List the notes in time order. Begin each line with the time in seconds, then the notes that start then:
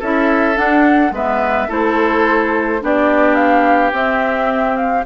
0.00 C#4 E4 A4 E5
0.55 D4 F#5
1.11 G#3 B3 B4 E5
1.68 A3 E4 A4 C5
2.81 B3 D4 G4 D5
3.35 F5
3.92 C4 E5
4.76 F5